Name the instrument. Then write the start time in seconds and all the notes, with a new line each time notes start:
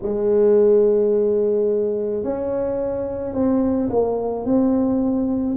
tuba
0.02 G#3
2.23 C#4
3.33 C4
3.89 A#3
4.44 C4